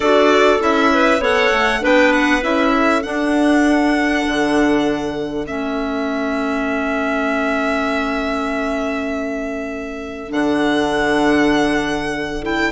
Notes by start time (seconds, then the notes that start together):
0.00 D4 F#4 A4 D5
0.59 C#4 E4 E5
0.94 B4
1.19 B3 A4 C#5 F#5
1.51 A3
1.80 B3 D4 B4 G5
2.12 F#5
2.41 C#4 E4 E5
2.72 A4
3.02 D4 F#5
4.27 D3
5.46 A3 C#4 E5
10.29 D3 D4 F#5
12.41 E4 G5